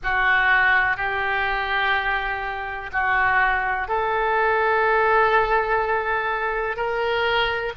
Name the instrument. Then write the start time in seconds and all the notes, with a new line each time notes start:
oboe
0.03 F#4
0.96 G4
2.92 F#4
3.88 A4
6.76 A#4